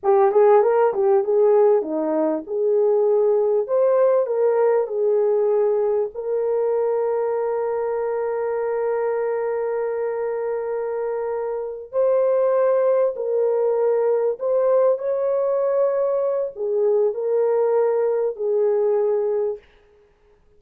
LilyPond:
\new Staff \with { instrumentName = "horn" } { \time 4/4 \tempo 4 = 98 g'8 gis'8 ais'8 g'8 gis'4 dis'4 | gis'2 c''4 ais'4 | gis'2 ais'2~ | ais'1~ |
ais'2.~ ais'8 c''8~ | c''4. ais'2 c''8~ | c''8 cis''2~ cis''8 gis'4 | ais'2 gis'2 | }